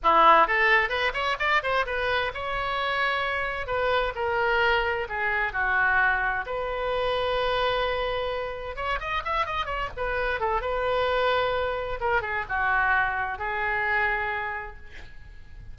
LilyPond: \new Staff \with { instrumentName = "oboe" } { \time 4/4 \tempo 4 = 130 e'4 a'4 b'8 cis''8 d''8 c''8 | b'4 cis''2. | b'4 ais'2 gis'4 | fis'2 b'2~ |
b'2. cis''8 dis''8 | e''8 dis''8 cis''8 b'4 a'8 b'4~ | b'2 ais'8 gis'8 fis'4~ | fis'4 gis'2. | }